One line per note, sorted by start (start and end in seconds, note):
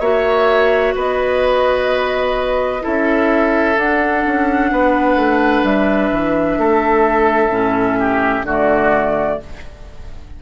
0.00 0.94 A#3
0.00 2.81 F#4
0.00 0.94 C#5
0.00 0.94 E5
0.95 2.83 B3
0.95 2.83 B4
0.95 2.85 D#5
2.81 3.77 C#4
2.81 3.75 E4
2.81 4.71 A4
2.81 3.79 E5
3.77 7.51 D4
3.77 4.24 D4
3.77 5.65 F#5
4.26 4.71 C#4
4.71 5.16 B3
4.71 6.59 B4
5.16 5.62 A3
5.63 6.10 G3
5.63 8.46 E5
6.11 6.58 E3
6.58 7.49 A3
6.58 7.99 A4
7.49 8.42 A2
7.49 8.44 C#4
7.99 8.46 G4
8.43 9.37 D3
8.43 9.41 A3
8.43 9.40 F#4
8.43 9.42 D5